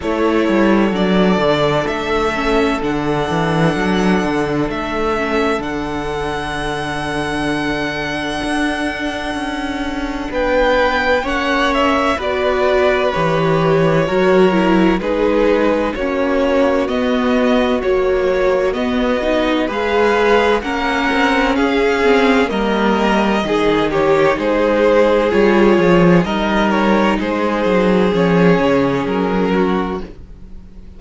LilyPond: <<
  \new Staff \with { instrumentName = "violin" } { \time 4/4 \tempo 4 = 64 cis''4 d''4 e''4 fis''4~ | fis''4 e''4 fis''2~ | fis''2. g''4 | fis''8 e''8 d''4 cis''2 |
b'4 cis''4 dis''4 cis''4 | dis''4 f''4 fis''4 f''4 | dis''4. cis''8 c''4 cis''4 | dis''8 cis''8 c''4 cis''4 ais'4 | }
  \new Staff \with { instrumentName = "violin" } { \time 4/4 a'1~ | a'1~ | a'2. b'4 | cis''4 b'2 ais'4 |
gis'4 fis'2.~ | fis'4 b'4 ais'4 gis'4 | ais'4 gis'8 g'8 gis'2 | ais'4 gis'2~ gis'8 fis'8 | }
  \new Staff \with { instrumentName = "viola" } { \time 4/4 e'4 d'4. cis'8 d'4~ | d'4. cis'8 d'2~ | d'1 | cis'4 fis'4 g'4 fis'8 e'8 |
dis'4 cis'4 b4 fis4 | b8 dis'8 gis'4 cis'4. c'8 | ais4 dis'2 f'4 | dis'2 cis'2 | }
  \new Staff \with { instrumentName = "cello" } { \time 4/4 a8 g8 fis8 d8 a4 d8 e8 | fis8 d8 a4 d2~ | d4 d'4 cis'4 b4 | ais4 b4 e4 fis4 |
gis4 ais4 b4 ais4 | b4 gis4 ais8 c'8 cis'4 | g4 dis4 gis4 g8 f8 | g4 gis8 fis8 f8 cis8 fis4 | }
>>